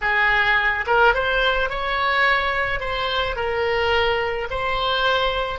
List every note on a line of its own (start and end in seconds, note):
0.01 0.85 G#4
0.86 1.14 A#4
1.14 1.69 C5
1.69 2.80 C#5
2.80 3.35 C5
3.35 4.48 A#4
4.50 5.59 C5